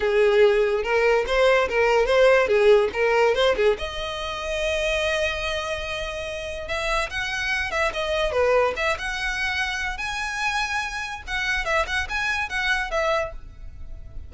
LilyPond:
\new Staff \with { instrumentName = "violin" } { \time 4/4 \tempo 4 = 144 gis'2 ais'4 c''4 | ais'4 c''4 gis'4 ais'4 | c''8 gis'8 dis''2.~ | dis''1 |
e''4 fis''4. e''8 dis''4 | b'4 e''8 fis''2~ fis''8 | gis''2. fis''4 | e''8 fis''8 gis''4 fis''4 e''4 | }